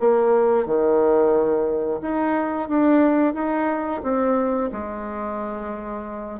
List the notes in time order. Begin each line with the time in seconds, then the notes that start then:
0.00 A#3
0.66 D#3
2.02 D#4
2.69 D4
3.34 D#4
4.03 C4
4.73 G#3